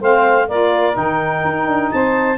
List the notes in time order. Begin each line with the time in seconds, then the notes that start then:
0.00 A3 C4 C5 F5
0.48 A#3 F4 A#4 D5
0.92 D#3 D#4 G5
1.44 D#4
1.66 D4
1.91 C4 C5 A5